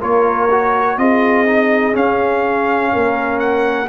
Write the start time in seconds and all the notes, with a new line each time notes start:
0.00 A#3 F4 A#4 C#5
0.51 F#4
0.98 C4 F4 G#4 D#5
1.46 D#4
1.93 C#4 F5
2.93 A#3 A#4
3.40 F#5